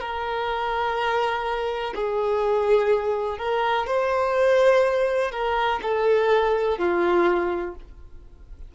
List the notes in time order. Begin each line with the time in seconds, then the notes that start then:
0.00 A#4
1.95 G#4
3.38 A#4
3.87 C5
5.31 A#4
5.82 A4
6.78 F4